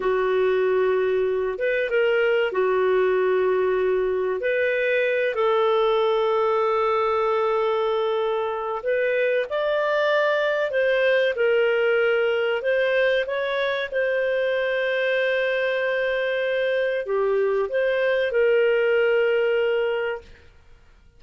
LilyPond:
\new Staff \with { instrumentName = "clarinet" } { \time 4/4 \tempo 4 = 95 fis'2~ fis'8 b'8 ais'4 | fis'2. b'4~ | b'8 a'2.~ a'8~ | a'2 b'4 d''4~ |
d''4 c''4 ais'2 | c''4 cis''4 c''2~ | c''2. g'4 | c''4 ais'2. | }